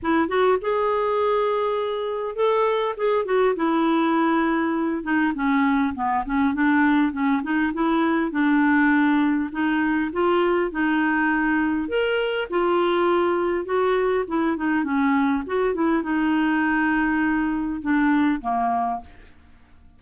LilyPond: \new Staff \with { instrumentName = "clarinet" } { \time 4/4 \tempo 4 = 101 e'8 fis'8 gis'2. | a'4 gis'8 fis'8 e'2~ | e'8 dis'8 cis'4 b8 cis'8 d'4 | cis'8 dis'8 e'4 d'2 |
dis'4 f'4 dis'2 | ais'4 f'2 fis'4 | e'8 dis'8 cis'4 fis'8 e'8 dis'4~ | dis'2 d'4 ais4 | }